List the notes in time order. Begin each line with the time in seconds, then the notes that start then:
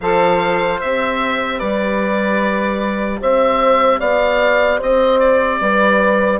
0.00 F3 A4 C5 F5
0.80 C4 G4 E5
1.59 G3 B4 D5
3.21 C4 C5 E5
3.99 B3 D5 F5
4.78 C4 C5 D#5
5.19 D5
5.61 G3 B4